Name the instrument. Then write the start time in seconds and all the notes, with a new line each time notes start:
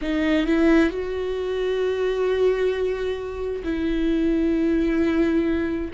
viola
0.01 D#4
0.46 E4
0.90 F#4
3.63 E4